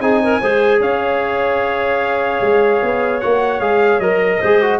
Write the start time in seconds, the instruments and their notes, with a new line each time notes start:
0.00 tuba C4, trombone D#4, clarinet G#4, trumpet G#5
0.24 clarinet A#4
0.41 tuba G#3, trombone G#4, clarinet C5
0.80 tuba C#4, clarinet C#5, trumpet F5
2.41 tuba G#3
2.82 tuba B3
3.21 tuba A#3, trombone F#4, trumpet F#5
3.60 tuba G#3, trombone G#4, trumpet F5
3.99 tuba F#3, trombone A#4, trumpet D#5
4.40 tuba G#3, trombone G#4, clarinet C5
4.62 trombone F#4